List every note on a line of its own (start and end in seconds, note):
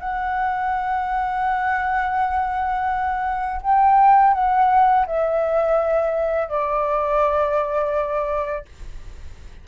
0.00 3.61 F#5
3.62 4.34 G5
4.34 5.06 F#5
5.07 6.49 E5
6.49 8.65 D5